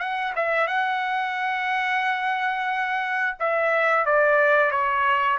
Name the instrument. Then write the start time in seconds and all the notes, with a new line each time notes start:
trumpet
0.00 F#5
0.36 E5
0.68 F#5
3.40 E5
4.06 D5
4.72 C#5